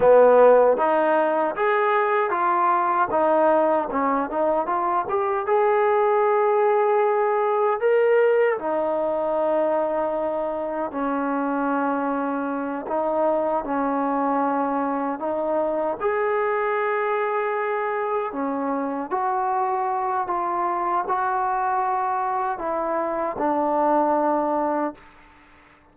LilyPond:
\new Staff \with { instrumentName = "trombone" } { \time 4/4 \tempo 4 = 77 b4 dis'4 gis'4 f'4 | dis'4 cis'8 dis'8 f'8 g'8 gis'4~ | gis'2 ais'4 dis'4~ | dis'2 cis'2~ |
cis'8 dis'4 cis'2 dis'8~ | dis'8 gis'2. cis'8~ | cis'8 fis'4. f'4 fis'4~ | fis'4 e'4 d'2 | }